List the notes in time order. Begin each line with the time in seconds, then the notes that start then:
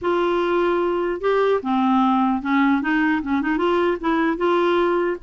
0.01 F4
1.20 G4
1.62 C4
2.41 C#4
2.81 D#4
3.22 C#4
3.41 D#4
3.57 F4
4.00 E4
4.37 F4